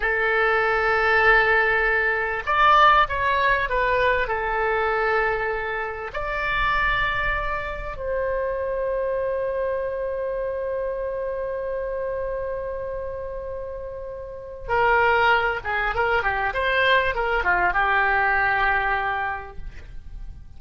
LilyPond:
\new Staff \with { instrumentName = "oboe" } { \time 4/4 \tempo 4 = 98 a'1 | d''4 cis''4 b'4 a'4~ | a'2 d''2~ | d''4 c''2.~ |
c''1~ | c''1 | ais'4. gis'8 ais'8 g'8 c''4 | ais'8 f'8 g'2. | }